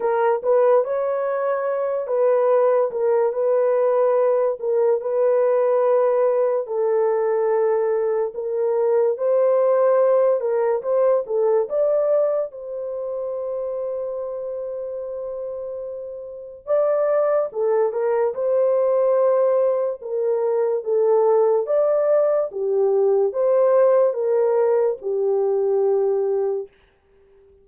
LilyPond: \new Staff \with { instrumentName = "horn" } { \time 4/4 \tempo 4 = 72 ais'8 b'8 cis''4. b'4 ais'8 | b'4. ais'8 b'2 | a'2 ais'4 c''4~ | c''8 ais'8 c''8 a'8 d''4 c''4~ |
c''1 | d''4 a'8 ais'8 c''2 | ais'4 a'4 d''4 g'4 | c''4 ais'4 g'2 | }